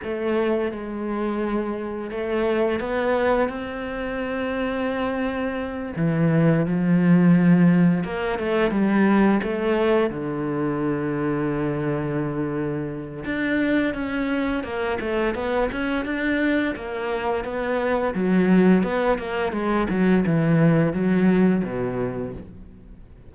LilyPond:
\new Staff \with { instrumentName = "cello" } { \time 4/4 \tempo 4 = 86 a4 gis2 a4 | b4 c'2.~ | c'8 e4 f2 ais8 | a8 g4 a4 d4.~ |
d2. d'4 | cis'4 ais8 a8 b8 cis'8 d'4 | ais4 b4 fis4 b8 ais8 | gis8 fis8 e4 fis4 b,4 | }